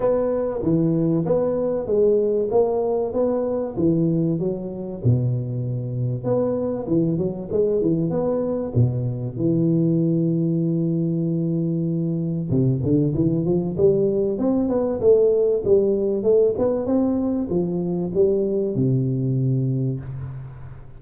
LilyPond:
\new Staff \with { instrumentName = "tuba" } { \time 4/4 \tempo 4 = 96 b4 e4 b4 gis4 | ais4 b4 e4 fis4 | b,2 b4 e8 fis8 | gis8 e8 b4 b,4 e4~ |
e1 | c8 d8 e8 f8 g4 c'8 b8 | a4 g4 a8 b8 c'4 | f4 g4 c2 | }